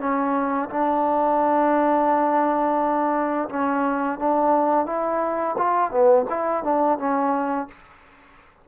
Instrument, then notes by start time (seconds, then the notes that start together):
trombone
0.00 C#4
0.70 D4
3.50 C#4
4.20 D4
4.86 E4
5.58 F4
5.91 B3
6.30 E4
6.64 D4
6.99 C#4